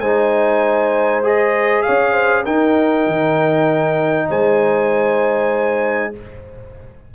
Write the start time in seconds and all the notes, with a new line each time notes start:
0.00 G#3 D#4 C5 G#5
1.23 G#4 D#5
1.82 C#5 F5
1.89 C#4
2.12 C5
2.45 D#4 A#4 G5
3.07 D#3
4.29 G#3 C5 G#5